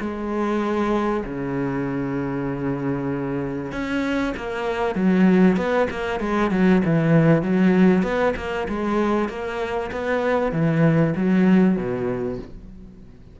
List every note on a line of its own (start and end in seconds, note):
0.00 1.24 G#3
1.25 3.72 C#3
3.72 4.34 C#4
4.37 4.96 A#3
4.96 5.57 F#3
5.57 5.88 B3
5.90 6.20 A#3
6.20 6.51 G#3
6.51 6.82 F#3
6.85 7.43 E3
7.43 8.03 F#3
8.03 8.34 B3
8.37 8.68 A#3
8.69 9.29 G#3
9.29 9.91 A#3
9.92 10.52 B3
10.52 11.14 E3
11.16 11.77 F#3
11.77 12.39 B2